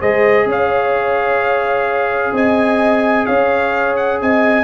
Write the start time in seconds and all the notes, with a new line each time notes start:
0.00 G#3 G#4 C5 D#5
0.46 C#4 C#5 F5
2.33 C4 D#5 G#5
3.26 C#4 C#5 F5
3.97 F#5
4.22 C4 D#5 G#5